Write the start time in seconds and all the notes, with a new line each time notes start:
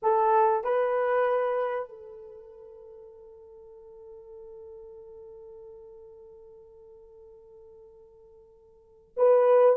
0.02 A4
0.63 B4
1.89 A4
9.16 B4